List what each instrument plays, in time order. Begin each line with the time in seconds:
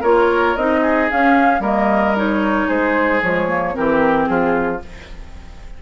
0.00 bassoon A#3, clarinet F4, oboe A#4, flute C#5
0.56 bassoon C4, clarinet D#4, flute D#5
0.82 oboe G#4
1.10 clarinet C#4, bassoon C#4, flute F5
1.59 bassoon G3, clarinet A#3, oboe A#4, flute D#5
2.16 clarinet D#4, flute C#5
2.67 bassoon G#3, oboe G#4, flute C5
3.22 bassoon F3, clarinet G#3, flute C#5
3.48 clarinet A#3
3.73 bassoon E3, clarinet C4, oboe G4, flute A#4
4.26 bassoon F3, oboe F4, flute G#4